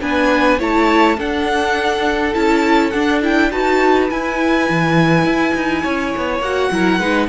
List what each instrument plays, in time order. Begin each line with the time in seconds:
0.00 cello B3, viola D4, violin B4 G#5
0.58 cello A3, viola E4, violin C#5 A5
1.17 cello D4, viola D4, violin A4 F#5
2.33 cello C#4, viola E4, violin A5
2.90 viola D4, cello D4, violin F#5
3.22 viola E4, violin G5
3.50 cello D#4, viola F#4, violin B4 A5
4.09 viola E4, cello E4, violin G#5
4.69 cello E3
5.25 cello E4
5.54 cello D#4
5.82 cello C#4, violin C#5
6.16 cello B3
6.40 cello A#3, viola F#4, violin F#5
6.71 cello F#3, viola E4, violin A#4
6.99 cello G#3, viola D#4, violin B4